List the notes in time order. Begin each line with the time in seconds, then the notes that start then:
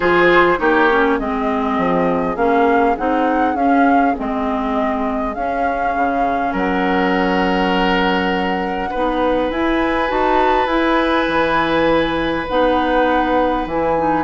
0.00 F3 F4 G#4 C5
0.58 A#3 D#4 G4 C#5
0.90 C#4
1.19 G#3 C4 G#4 D#5
1.77 F3
2.36 A#3 C#4 F5
2.97 C4 D#4 F#5
3.54 C#4 F5
4.15 G#3 C4 D#5
5.34 C#4 F5
5.95 C#3
6.52 F#3 A#4 F#5
8.90 B3 D#4 B4
9.50 E4 G#5
10.08 D#4 F#4 A5
10.66 E4 G#5
11.27 E3
12.48 B3 D#4 F#5
13.66 E3 E4 G#5
13.98 D#4